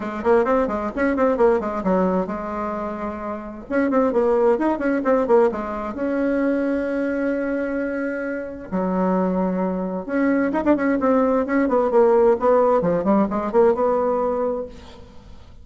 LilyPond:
\new Staff \with { instrumentName = "bassoon" } { \time 4/4 \tempo 4 = 131 gis8 ais8 c'8 gis8 cis'8 c'8 ais8 gis8 | fis4 gis2. | cis'8 c'8 ais4 dis'8 cis'8 c'8 ais8 | gis4 cis'2.~ |
cis'2. fis4~ | fis2 cis'4 dis'16 d'16 cis'8 | c'4 cis'8 b8 ais4 b4 | f8 g8 gis8 ais8 b2 | }